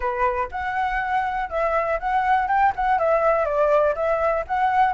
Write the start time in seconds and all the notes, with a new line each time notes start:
0.00 B4
0.51 F#5
1.49 E5
1.99 F#5
2.48 G5
2.75 F#5
2.98 E5
3.45 D5
3.95 E5
4.47 F#5